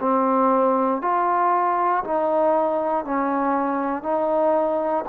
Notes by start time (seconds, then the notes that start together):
0.00 C4
1.02 F4
2.04 D#4
3.05 C#4
4.03 D#4